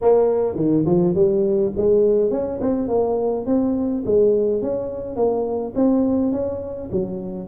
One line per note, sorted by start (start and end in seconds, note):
0.01 0.55 A#3
0.55 0.84 D#3
0.85 1.14 F3
1.14 1.72 G3
1.76 2.31 G#3
2.31 2.59 C#4
2.61 2.88 C4
2.88 3.45 A#3
3.46 4.04 C4
4.05 4.62 G#3
4.62 5.16 C#4
5.16 5.73 A#3
5.75 6.32 C4
6.32 6.89 C#4
6.91 7.47 F#3